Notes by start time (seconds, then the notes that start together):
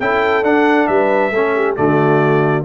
0.00 C#4 E4 A4 G5
0.43 D4 F#5
0.87 G3 B4 E5
1.31 A3 C#4 A4
1.55 G4
1.76 D3 A3 F#4 D5